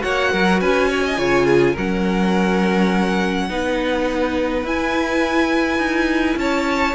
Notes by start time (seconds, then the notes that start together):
0.00 A#3 F#4 C#5 F#5
0.32 F#3 A#4
0.61 C#4 B4 G#5
0.89 C#5
1.06 D#5
1.18 C#3 F4 C#5
1.46 G#4
1.73 F#3 A#4 F#5
1.79 C#4
3.50 B3 D#4 B4
4.64 E4 G#5
5.78 D#4
6.36 C#4 C#5 A5